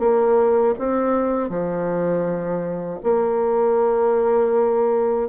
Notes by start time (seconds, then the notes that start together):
0.00 A#3
0.79 C4
1.50 F3
3.04 A#3